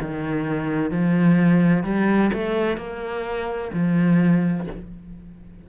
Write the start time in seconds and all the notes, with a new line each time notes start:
0.00 D#3
0.90 F3
1.84 G3
2.33 A3
2.77 A#3
3.73 F3